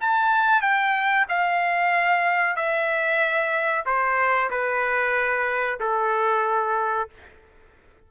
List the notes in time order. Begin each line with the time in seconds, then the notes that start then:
0.00 A5
0.61 G5
1.28 F5
2.55 E5
3.85 C5
4.50 B4
5.80 A4